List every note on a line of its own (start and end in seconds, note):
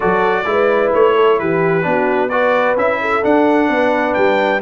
0.00 0.45 F#3
0.00 0.45 F#4
0.00 0.45 A4
0.00 0.92 D5
0.45 0.91 G#3
0.45 1.82 E4
0.45 1.15 B4
0.93 1.40 A3
0.93 1.39 C#5
1.15 1.38 A4
1.39 1.85 E3
1.39 1.86 G4
1.39 2.29 B4
1.82 2.76 B3
1.82 2.28 D4
1.82 2.30 F#4
2.29 2.77 F#4
2.29 2.99 B4
2.29 2.75 D5
2.76 3.22 C#4
2.76 3.22 E4
2.76 3.24 E5
3.01 3.70 A4
3.22 4.60 D4
3.22 3.69 D4
3.22 4.14 F#5
3.69 4.15 B3
3.69 4.62 B4
4.14 4.62 G3
4.14 4.60 G5